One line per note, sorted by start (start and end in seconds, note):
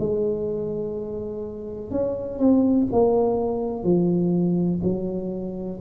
0.00 1.91 G#3
1.91 2.39 C#4
2.39 2.88 C4
2.92 3.84 A#3
3.84 4.80 F3
4.83 5.80 F#3